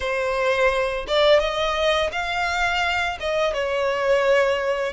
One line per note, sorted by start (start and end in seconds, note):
0.00 1.06 C5
1.07 1.39 D5
1.39 2.10 D#5
2.12 3.18 F5
3.20 3.53 D#5
3.53 4.93 C#5